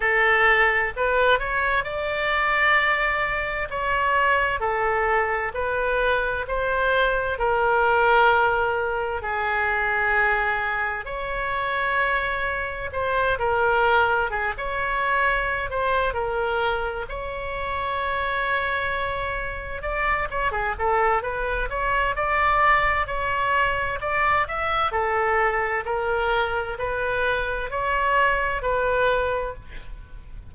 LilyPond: \new Staff \with { instrumentName = "oboe" } { \time 4/4 \tempo 4 = 65 a'4 b'8 cis''8 d''2 | cis''4 a'4 b'4 c''4 | ais'2 gis'2 | cis''2 c''8 ais'4 gis'16 cis''16~ |
cis''4 c''8 ais'4 cis''4.~ | cis''4. d''8 cis''16 gis'16 a'8 b'8 cis''8 | d''4 cis''4 d''8 e''8 a'4 | ais'4 b'4 cis''4 b'4 | }